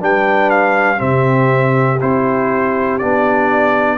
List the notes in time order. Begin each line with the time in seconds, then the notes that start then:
0.00 G3 D4 B4 G5
0.50 F5
0.97 C3 C4 G4 E5
2.00 C4 E4 C5
2.98 B3 D4 D5